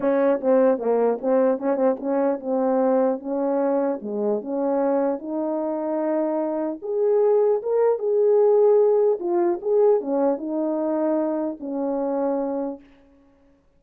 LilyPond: \new Staff \with { instrumentName = "horn" } { \time 4/4 \tempo 4 = 150 cis'4 c'4 ais4 c'4 | cis'8 c'8 cis'4 c'2 | cis'2 gis4 cis'4~ | cis'4 dis'2.~ |
dis'4 gis'2 ais'4 | gis'2. f'4 | gis'4 cis'4 dis'2~ | dis'4 cis'2. | }